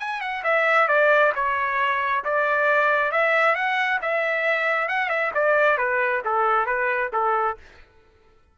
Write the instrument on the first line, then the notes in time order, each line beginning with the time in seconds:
trumpet
0.00 G#5
0.21 F#5
0.44 E5
0.88 D5
1.36 C#5
2.25 D5
3.12 E5
3.55 F#5
4.02 E5
4.89 F#5
5.10 E5
5.35 D5
5.78 B4
6.25 A4
6.66 B4
7.13 A4